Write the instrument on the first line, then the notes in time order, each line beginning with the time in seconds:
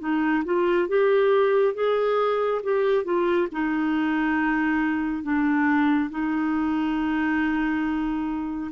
clarinet
0.00 D#4
0.44 F4
0.88 G4
1.74 G#4
2.63 G4
3.04 F4
3.52 D#4
5.23 D4
6.10 D#4